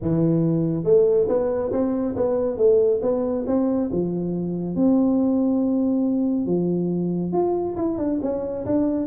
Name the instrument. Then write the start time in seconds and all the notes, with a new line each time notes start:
tuba
0.01 E3
0.84 A3
1.28 B3
1.72 C4
2.16 B3
2.57 A3
3.02 B3
3.46 C4
3.92 F3
4.75 C4
6.46 F3
7.32 F4
7.76 E4
7.98 D4
8.22 C#4
8.65 D4